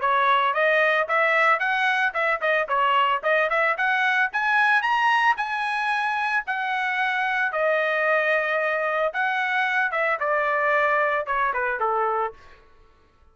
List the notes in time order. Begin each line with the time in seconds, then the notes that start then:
0.00 C#5
0.54 D#5
1.08 E5
1.59 F#5
2.14 E5
2.41 D#5
2.68 C#5
3.23 D#5
3.49 E5
3.77 F#5
4.32 G#5
4.82 A#5
5.37 G#5
6.47 F#5
7.52 D#5
9.13 F#5
9.91 E5
10.19 D5
11.26 C#5
11.53 B4
11.80 A4